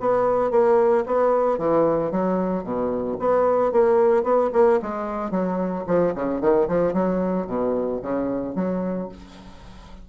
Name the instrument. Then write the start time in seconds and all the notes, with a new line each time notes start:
bassoon
0.00 B3
0.50 A#3
1.06 B3
1.58 E3
2.11 F#3
2.63 B2
3.19 B3
3.72 A#3
4.23 B3
4.53 A#3
4.82 G#3
5.31 F#3
5.87 F3
6.15 C#3
6.41 D#3
6.68 F3
6.93 F#3
7.47 B2
8.02 C#3
8.55 F#3